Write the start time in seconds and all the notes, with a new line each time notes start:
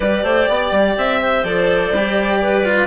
0.00 G3 G4 B4 D5
0.23 A3 C5
0.48 B3 D5
0.71 G3
0.97 C4 E5
1.20 C5
1.43 F3 A4 D5
1.91 G3 G4
2.41 B4
2.64 F4